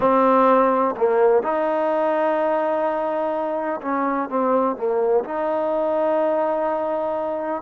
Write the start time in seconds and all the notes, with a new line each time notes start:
0.00 C4
0.97 A#3
1.42 D#4
3.81 C#4
4.29 C4
4.76 A#3
5.24 D#4